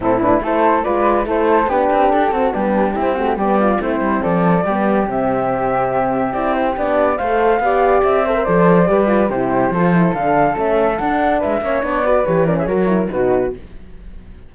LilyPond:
<<
  \new Staff \with { instrumentName = "flute" } { \time 4/4 \tempo 4 = 142 a'8 b'8 c''4 d''4 c''4 | b'4 a'4 g'2 | d''4 c''4 d''2 | e''2. d''8 c''8 |
d''4 f''2 e''4 | d''2 c''2 | f''4 e''4 fis''4 e''4 | d''4 cis''8 d''16 e''16 cis''4 b'4 | }
  \new Staff \with { instrumentName = "flute" } { \time 4/4 e'4 a'4 b'4 a'4 | g'4. fis'8 d'4 e'8 fis'8 | g'8 f'8 e'4 a'4 g'4~ | g'1~ |
g'4 c''4 d''4. c''8~ | c''4 b'4 g'4 a'4~ | a'2. b'8 cis''8~ | cis''8 b'4 ais'16 gis'16 ais'4 fis'4 | }
  \new Staff \with { instrumentName = "horn" } { \time 4/4 c'8 d'8 e'4 f'4 e'4 | d'4. c'8 b4 c'8 a8 | b4 c'2 b4 | c'2. e'4 |
d'4 a'4 g'4. a'16 ais'16 | a'4 g'8 f'8 e'4 f'8 e'8 | d'4 cis'4 d'4. cis'8 | d'8 fis'8 g'8 cis'8 fis'8 e'8 dis'4 | }
  \new Staff \with { instrumentName = "cello" } { \time 4/4 a,4 a4 gis4 a4 | b8 c'8 d'8 c'8 g4 c'4 | g4 a8 g8 f4 g4 | c2. c'4 |
b4 a4 b4 c'4 | f4 g4 c4 f4 | d4 a4 d'4 gis8 ais8 | b4 e4 fis4 b,4 | }
>>